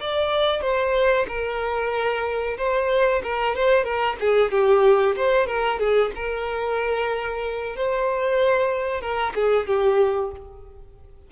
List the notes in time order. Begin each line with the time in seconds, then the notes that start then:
0.00 D5
0.61 C5
1.28 A#4
2.57 C5
3.23 A#4
3.55 C5
3.84 A#4
4.20 G#4
4.51 G4
5.16 C5
5.46 A#4
5.79 G#4
6.15 A#4
7.75 C5
9.01 A#4
9.35 G#4
9.66 G4